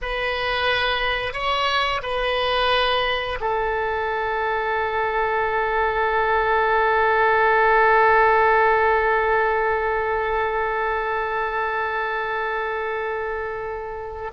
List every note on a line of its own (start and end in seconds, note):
0.01 1.33 B4
1.33 2.01 C#5
2.02 3.38 B4
3.40 14.31 A4